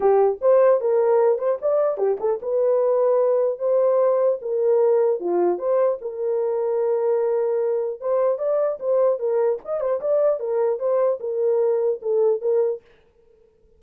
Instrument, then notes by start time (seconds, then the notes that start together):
horn
0.00 G4
0.41 C5
0.81 A#4
1.38 C5
1.61 D5
1.97 G4
2.19 A4
2.41 B4
3.58 C5
4.41 A#4
5.20 F4
5.58 C5
6.01 A#4
8.00 C5
8.38 D5
8.79 C5
9.19 A#4
9.64 D#5
9.80 C5
10.00 D5
10.39 A#4
10.79 C5
11.20 A#4
12.02 A4
12.41 A#4